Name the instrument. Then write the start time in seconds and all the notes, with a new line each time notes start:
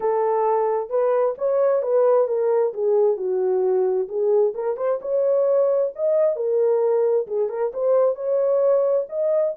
horn
0.00 A4
0.89 B4
1.37 C#5
1.82 B4
2.27 A#4
2.73 G#4
3.17 F#4
4.08 G#4
4.54 A#4
4.76 C5
5.01 C#5
5.95 D#5
6.35 A#4
7.27 G#4
7.49 A#4
7.73 C5
8.15 C#5
9.09 D#5